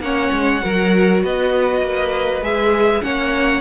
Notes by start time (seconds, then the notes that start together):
0.00 A#3 C#4 C#5 F#5
0.32 G#3
0.62 F#3 F#4 A#4
1.23 B3 B4 D#5
1.82 A#3
2.42 G#3 G#4 E5
3.02 A#3 C#4 C#5 F#5